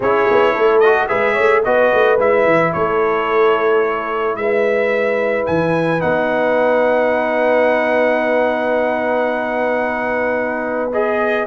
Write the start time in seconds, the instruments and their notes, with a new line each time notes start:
0.00 tuba C#4, trombone E4, horn G#4, trumpet C#5
0.31 tuba B3
0.53 tuba A3, horn A4
0.79 trombone F#4, trumpet D#5
1.08 tuba G#3, trombone G#4, horn B4, trumpet E5
1.33 tuba A3, horn C#5
1.64 tuba B3, trombone F#4, horn B4, trumpet D#5
1.93 tuba A3
2.18 tuba G#3, trombone E4, trumpet E5
2.45 tuba E3
2.72 tuba A3, horn A4, trumpet C#5
4.35 tuba G#3, horn B4, trumpet E5
5.46 tuba E3, trumpet G#5
6.00 tuba B3, trombone D#4, trumpet F#5
10.92 trombone G#4, trumpet D#5